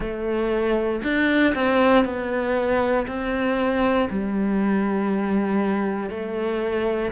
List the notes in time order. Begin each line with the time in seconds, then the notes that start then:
0.00 A3
1.03 D4
1.54 C4
2.04 B3
3.07 C4
4.10 G3
6.10 A3